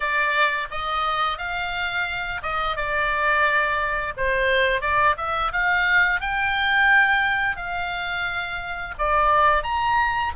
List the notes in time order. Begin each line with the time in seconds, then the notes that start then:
0.00 D5
0.70 D#5
1.38 F5
2.42 D#5
2.76 D5
4.16 C5
4.81 D5
5.17 E5
5.52 F5
6.20 G5
7.56 F5
8.98 D5
9.63 A#5